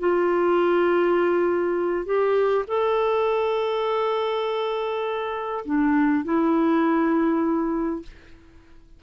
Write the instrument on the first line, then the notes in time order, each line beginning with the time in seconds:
clarinet
0.00 F4
2.06 G4
2.68 A4
5.65 D4
6.25 E4